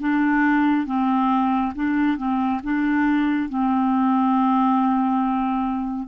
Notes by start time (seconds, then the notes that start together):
0.00 D4
0.87 C4
1.75 D4
2.18 C4
2.64 D4
3.49 C4